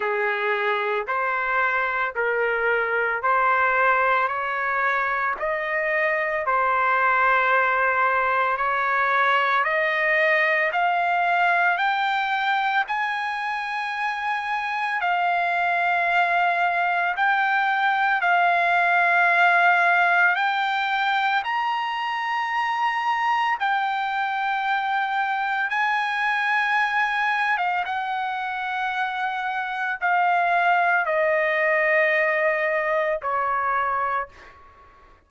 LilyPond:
\new Staff \with { instrumentName = "trumpet" } { \time 4/4 \tempo 4 = 56 gis'4 c''4 ais'4 c''4 | cis''4 dis''4 c''2 | cis''4 dis''4 f''4 g''4 | gis''2 f''2 |
g''4 f''2 g''4 | ais''2 g''2 | gis''4.~ gis''16 f''16 fis''2 | f''4 dis''2 cis''4 | }